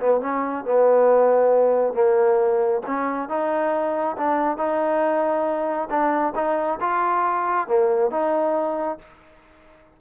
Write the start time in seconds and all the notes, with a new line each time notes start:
0.00 B3
0.21 C#4
0.65 B3
1.94 A#3
2.86 C#4
3.29 D#4
4.17 D4
4.57 D#4
5.90 D4
6.35 D#4
6.81 F4
7.68 A#3
8.11 D#4